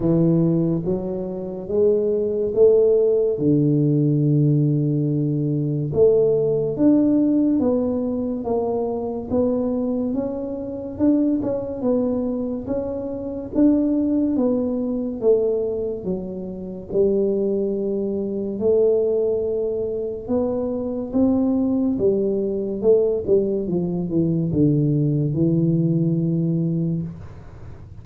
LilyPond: \new Staff \with { instrumentName = "tuba" } { \time 4/4 \tempo 4 = 71 e4 fis4 gis4 a4 | d2. a4 | d'4 b4 ais4 b4 | cis'4 d'8 cis'8 b4 cis'4 |
d'4 b4 a4 fis4 | g2 a2 | b4 c'4 g4 a8 g8 | f8 e8 d4 e2 | }